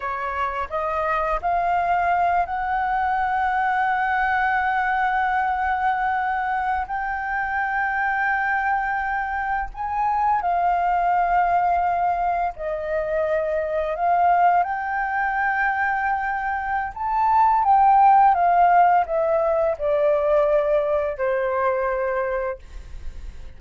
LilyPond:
\new Staff \with { instrumentName = "flute" } { \time 4/4 \tempo 4 = 85 cis''4 dis''4 f''4. fis''8~ | fis''1~ | fis''4.~ fis''16 g''2~ g''16~ | g''4.~ g''16 gis''4 f''4~ f''16~ |
f''4.~ f''16 dis''2 f''16~ | f''8. g''2.~ g''16 | a''4 g''4 f''4 e''4 | d''2 c''2 | }